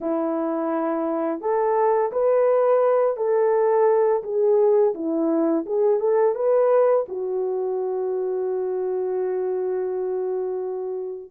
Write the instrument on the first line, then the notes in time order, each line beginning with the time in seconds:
horn
0.00 E4
1.41 A4
2.11 B4
3.16 A4
4.23 G#4
4.94 E4
5.66 G#4
6.00 A4
6.35 B4
7.08 F#4